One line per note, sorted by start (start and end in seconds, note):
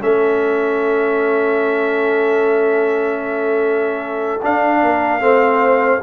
0.00 4.42 A3
0.00 4.40 C#4
0.00 4.82 A4
0.00 4.43 E5
4.42 5.21 D4
4.42 4.82 D4
4.42 6.03 F5
4.82 5.20 A#3
4.82 5.22 A#4
5.20 6.00 A3
5.20 6.01 C4
5.20 6.03 C5